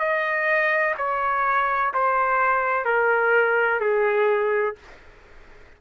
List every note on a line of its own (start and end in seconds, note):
0.00 0.95 D#5
0.98 1.94 C#5
1.94 2.85 C5
2.85 3.81 A#4
3.81 4.76 G#4